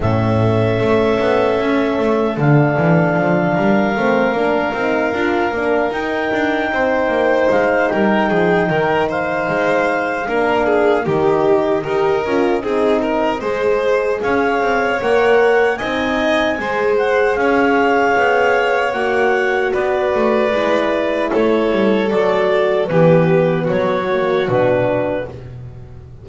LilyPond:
<<
  \new Staff \with { instrumentName = "clarinet" } { \time 4/4 \tempo 4 = 76 e''2. f''4~ | f''2.~ f''8 g''8~ | g''4. f''8 g''4. f''8~ | f''2 dis''2~ |
dis''2 f''4 fis''4 | gis''4. fis''8 f''2 | fis''4 d''2 cis''4 | d''4 b'4 cis''4 b'4 | }
  \new Staff \with { instrumentName = "violin" } { \time 4/4 a'1~ | a'8 ais'2.~ ais'8~ | ais'8 c''4. ais'8 gis'8 ais'8 c''8~ | c''4 ais'8 gis'8 g'4 ais'4 |
gis'8 ais'8 c''4 cis''2 | dis''4 c''4 cis''2~ | cis''4 b'2 a'4~ | a'4 g'4 fis'2 | }
  \new Staff \with { instrumentName = "horn" } { \time 4/4 cis'2. d'4~ | d'4 c'8 d'8 dis'8 f'8 d'8 dis'8~ | dis'1~ | dis'4 d'4 dis'4 g'8 f'8 |
dis'4 gis'2 ais'4 | dis'4 gis'2. | fis'2 e'2 | fis'4 b4. ais8 d'4 | }
  \new Staff \with { instrumentName = "double bass" } { \time 4/4 a,4 a8 b8 cis'8 a8 d8 e8 | f8 g8 a8 ais8 c'8 d'8 ais8 dis'8 | d'8 c'8 ais8 gis8 g8 f8 dis4 | gis4 ais4 dis4 dis'8 cis'8 |
c'4 gis4 cis'8 c'8 ais4 | c'4 gis4 cis'4 b4 | ais4 b8 a8 gis4 a8 g8 | fis4 e4 fis4 b,4 | }
>>